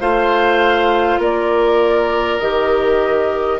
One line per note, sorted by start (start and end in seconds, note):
0.00 1.18 A3
0.00 2.40 F4
0.00 1.20 C5
0.00 1.20 F5
1.18 2.38 A#3
1.18 3.60 A#4
1.18 2.39 D5
2.39 3.60 D#3
2.39 3.60 G4
2.39 3.59 D#5